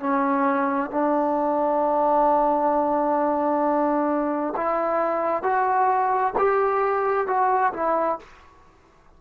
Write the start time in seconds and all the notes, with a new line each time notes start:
0.00 C#4
0.90 D4
4.57 E4
5.43 F#4
6.38 G4
7.28 F#4
7.74 E4